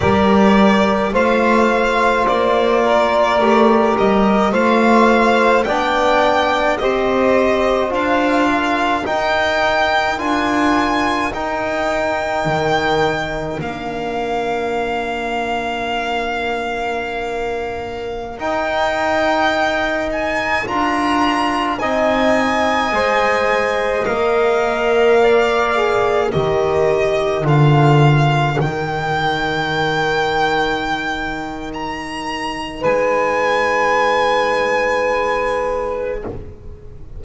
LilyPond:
<<
  \new Staff \with { instrumentName = "violin" } { \time 4/4 \tempo 4 = 53 d''4 f''4 d''4. dis''8 | f''4 g''4 dis''4 f''4 | g''4 gis''4 g''2 | f''1~ |
f''16 g''4. gis''8 ais''4 gis''8.~ | gis''4~ gis''16 f''2 dis''8.~ | dis''16 f''4 g''2~ g''8. | ais''4 gis''2. | }
  \new Staff \with { instrumentName = "saxophone" } { \time 4/4 ais'4 c''4. ais'4. | c''4 d''4 c''4. ais'8~ | ais'1~ | ais'1~ |
ais'2.~ ais'16 dis''8.~ | dis''2~ dis''16 d''4 ais'8.~ | ais'1~ | ais'4 b'2. | }
  \new Staff \with { instrumentName = "trombone" } { \time 4/4 g'4 f'2 g'4 | f'4 d'4 g'4 f'4 | dis'4 f'4 dis'2 | d'1~ |
d'16 dis'2 f'4 dis'8.~ | dis'16 c''4 ais'4. gis'8 g'8.~ | g'16 f'4 dis'2~ dis'8.~ | dis'1 | }
  \new Staff \with { instrumentName = "double bass" } { \time 4/4 g4 a4 ais4 a8 g8 | a4 b4 c'4 d'4 | dis'4 d'4 dis'4 dis4 | ais1~ |
ais16 dis'2 d'4 c'8.~ | c'16 gis4 ais2 dis8.~ | dis16 d4 dis2~ dis8.~ | dis4 gis2. | }
>>